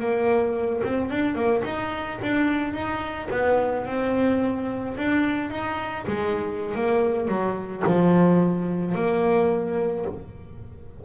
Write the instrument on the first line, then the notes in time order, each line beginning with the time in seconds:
double bass
0.00 A#3
0.85 C4
1.11 D4
1.36 A#3
1.65 D#4
2.23 D4
2.74 D#4
3.31 B3
3.86 C4
4.97 D4
5.51 D#4
6.08 G#3
6.76 A#3
7.28 F#3
7.87 F3
8.95 A#3